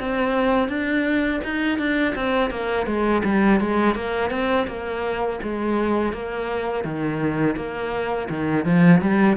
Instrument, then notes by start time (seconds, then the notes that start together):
cello
0.00 C4
0.69 D4
1.45 D#4
1.79 D4
2.16 C4
2.51 A#3
2.87 G#3
3.25 G3
3.60 G#3
3.96 A#3
4.31 C4
4.68 A#3
5.43 G#3
6.13 A#3
6.85 D#3
7.56 A#3
8.30 D#3
8.65 F3
9.02 G3